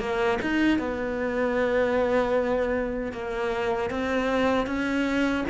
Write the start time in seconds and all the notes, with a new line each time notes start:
0.00 A#3
0.42 D#4
0.79 B3
3.13 A#3
3.90 C4
4.67 C#4